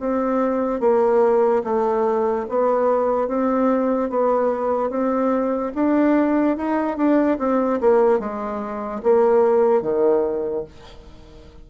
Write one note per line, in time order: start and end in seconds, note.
0.00 0.81 C4
0.81 1.63 A#3
1.64 2.46 A3
2.49 3.28 B3
3.28 4.10 C4
4.10 4.90 B3
4.90 5.72 C4
5.75 6.57 D4
6.57 6.97 D#4
6.97 7.38 D4
7.39 7.80 C4
7.81 8.19 A#3
8.19 9.01 G#3
9.03 9.82 A#3
9.82 10.64 D#3